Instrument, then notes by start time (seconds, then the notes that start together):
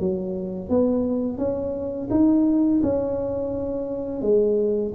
tuba
0.00 F#3
0.70 B3
1.38 C#4
2.11 D#4
2.83 C#4
4.22 G#3